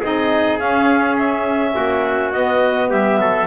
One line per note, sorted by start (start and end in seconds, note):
0.00 0.60 C4
0.00 0.60 D#4
0.00 1.73 G#4
0.00 0.59 D#5
0.59 2.33 C#4
0.59 1.76 C#4
0.59 1.17 F5
1.18 2.32 E5
1.76 2.34 A#3
1.76 2.90 F#4
2.32 2.91 B3
2.32 3.47 B3
2.32 2.90 D#5
2.90 3.18 G3
2.90 3.19 G4
2.90 3.47 E5
3.18 3.47 F#3
3.18 3.47 A4